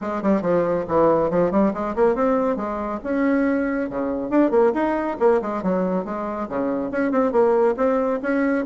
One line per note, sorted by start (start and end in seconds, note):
0.01 0.22 G#3
0.22 0.41 G3
0.41 0.84 F3
0.88 1.30 E3
1.30 1.51 F3
1.51 1.72 G3
1.73 1.95 G#3
1.95 2.15 A#3
2.15 2.56 C4
2.56 2.99 G#3
3.03 3.89 C#4
3.89 4.29 C#3
4.29 4.50 D4
4.50 4.72 A#3
4.74 5.17 D#4
5.19 5.41 A#3
5.41 5.62 G#3
5.62 6.04 F#3
6.04 6.47 G#3
6.48 6.91 C#3
6.91 7.11 C#4
7.11 7.31 C4
7.31 7.75 A#3
7.76 8.19 C4
8.22 8.65 C#4